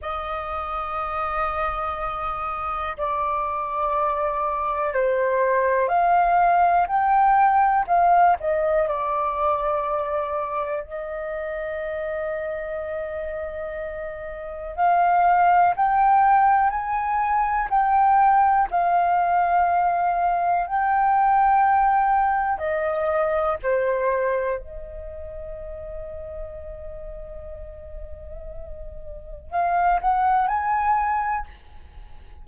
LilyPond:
\new Staff \with { instrumentName = "flute" } { \time 4/4 \tempo 4 = 61 dis''2. d''4~ | d''4 c''4 f''4 g''4 | f''8 dis''8 d''2 dis''4~ | dis''2. f''4 |
g''4 gis''4 g''4 f''4~ | f''4 g''2 dis''4 | c''4 dis''2.~ | dis''2 f''8 fis''8 gis''4 | }